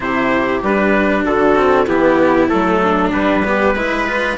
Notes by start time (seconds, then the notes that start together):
0.00 C3 E4 G4 C5
0.62 G3 D4 B4
1.24 D3 F#4 A4
1.55 C4
1.86 E3 B3 E4 G4
2.48 F#3 A3 A4
2.83 D4
3.12 G3 B4
3.44 B3 G4
3.74 G#3 E4 B4
4.07 F4